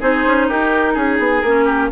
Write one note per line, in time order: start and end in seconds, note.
0.00 0.25 C4
0.00 1.44 D#4
0.00 0.48 G#4
0.00 0.49 C5
0.26 0.49 C#4
0.49 0.96 D#4
0.49 0.94 G4
0.49 0.96 A#4
0.94 1.19 C#4
0.94 1.65 G#4
0.94 1.42 G#4
1.19 1.42 B3
1.42 1.91 A#3
1.42 1.92 C#4
1.42 1.89 A#4
1.65 1.89 G4